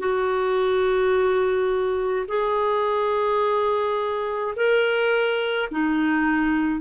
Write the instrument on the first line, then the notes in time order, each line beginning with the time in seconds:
clarinet
0.00 F#4
2.28 G#4
4.56 A#4
5.71 D#4